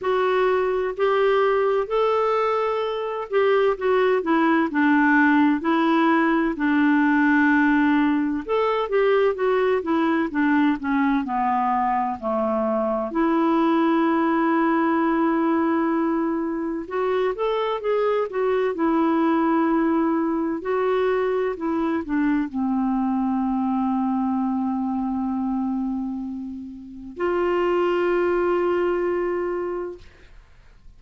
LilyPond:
\new Staff \with { instrumentName = "clarinet" } { \time 4/4 \tempo 4 = 64 fis'4 g'4 a'4. g'8 | fis'8 e'8 d'4 e'4 d'4~ | d'4 a'8 g'8 fis'8 e'8 d'8 cis'8 | b4 a4 e'2~ |
e'2 fis'8 a'8 gis'8 fis'8 | e'2 fis'4 e'8 d'8 | c'1~ | c'4 f'2. | }